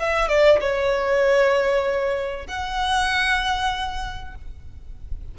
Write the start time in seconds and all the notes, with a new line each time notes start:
0.00 E5
0.29 D5
0.61 C#5
2.48 F#5